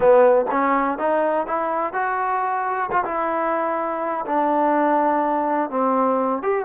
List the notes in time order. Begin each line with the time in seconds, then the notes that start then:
0.00 B3
0.51 C#4
0.98 D#4
1.46 E4
1.93 F#4
2.91 F4
3.04 E4
4.26 D4
5.70 C4
6.42 G4